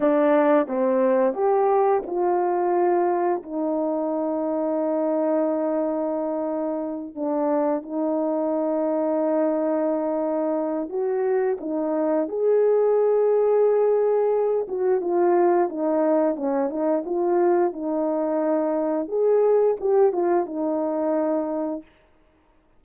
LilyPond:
\new Staff \with { instrumentName = "horn" } { \time 4/4 \tempo 4 = 88 d'4 c'4 g'4 f'4~ | f'4 dis'2.~ | dis'2~ dis'8 d'4 dis'8~ | dis'1 |
fis'4 dis'4 gis'2~ | gis'4. fis'8 f'4 dis'4 | cis'8 dis'8 f'4 dis'2 | gis'4 g'8 f'8 dis'2 | }